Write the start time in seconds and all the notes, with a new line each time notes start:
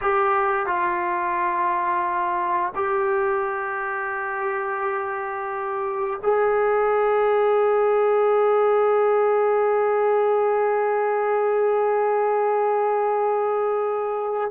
0.01 G4
0.66 F4
2.75 G4
6.22 G#4